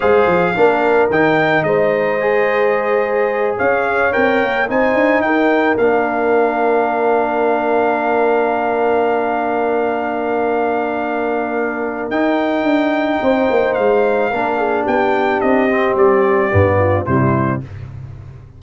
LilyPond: <<
  \new Staff \with { instrumentName = "trumpet" } { \time 4/4 \tempo 4 = 109 f''2 g''4 dis''4~ | dis''2~ dis''8 f''4 g''8~ | g''8 gis''4 g''4 f''4.~ | f''1~ |
f''1~ | f''2 g''2~ | g''4 f''2 g''4 | dis''4 d''2 c''4 | }
  \new Staff \with { instrumentName = "horn" } { \time 4/4 c''4 ais'2 c''4~ | c''2~ c''8 cis''4.~ | cis''8 c''4 ais'2~ ais'8~ | ais'1~ |
ais'1~ | ais'1 | c''2 ais'8 gis'8 g'4~ | g'2~ g'8 f'8 e'4 | }
  \new Staff \with { instrumentName = "trombone" } { \time 4/4 gis'4 d'4 dis'2 | gis'2.~ gis'8 ais'8~ | ais'8 dis'2 d'4.~ | d'1~ |
d'1~ | d'2 dis'2~ | dis'2 d'2~ | d'8 c'4. b4 g4 | }
  \new Staff \with { instrumentName = "tuba" } { \time 4/4 gis8 f8 ais4 dis4 gis4~ | gis2~ gis8 cis'4 c'8 | ais8 c'8 d'8 dis'4 ais4.~ | ais1~ |
ais1~ | ais2 dis'4 d'4 | c'8 ais8 gis4 ais4 b4 | c'4 g4 g,4 c4 | }
>>